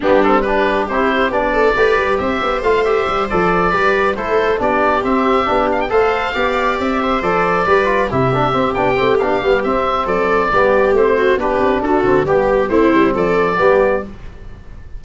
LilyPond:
<<
  \new Staff \with { instrumentName = "oboe" } { \time 4/4 \tempo 4 = 137 g'8 a'8 b'4 c''4 d''4~ | d''4 e''4 f''8 e''4 d''8~ | d''4. c''4 d''4 e''8~ | e''4 f''16 g''16 f''2 e''8~ |
e''8 d''2 e''4. | g''4 f''4 e''4 d''4~ | d''4 c''4 b'4 a'4 | g'4 c''4 d''2 | }
  \new Staff \with { instrumentName = "viola" } { \time 4/4 d'4 g'2~ g'8 a'8 | b'4 c''2.~ | c''8 b'4 a'4 g'4.~ | g'4. c''4 d''4. |
c''4. b'4 g'4.~ | g'2. a'4 | g'4. fis'8 g'4 fis'4 | g'4 e'4 a'4 g'4 | }
  \new Staff \with { instrumentName = "trombone" } { \time 4/4 b8 c'8 d'4 e'4 d'4 | g'2 f'8 g'4 a'8~ | a'8 g'4 e'4 d'4 c'8~ | c'8 d'4 a'4 g'4.~ |
g'8 a'4 g'8 f'8 e'8 d'8 c'8 | d'8 c'8 d'8 b8 c'2 | b4 c'4 d'4. c'8 | b4 c'2 b4 | }
  \new Staff \with { instrumentName = "tuba" } { \time 4/4 g2 c'4 b4 | a8 g8 c'8 b8 a4 g8 f8~ | f8 g4 a4 b4 c'8~ | c'8 b4 a4 b4 c'8~ |
c'8 f4 g4 c4 c'8 | b8 a8 b8 g8 c'4 fis4 | g4 a4 b8 c'8 d'8 d8 | g4 a8 g8 f4 g4 | }
>>